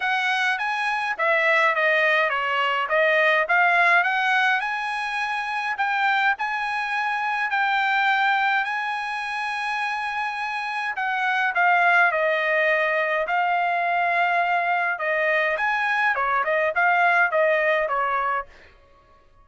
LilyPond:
\new Staff \with { instrumentName = "trumpet" } { \time 4/4 \tempo 4 = 104 fis''4 gis''4 e''4 dis''4 | cis''4 dis''4 f''4 fis''4 | gis''2 g''4 gis''4~ | gis''4 g''2 gis''4~ |
gis''2. fis''4 | f''4 dis''2 f''4~ | f''2 dis''4 gis''4 | cis''8 dis''8 f''4 dis''4 cis''4 | }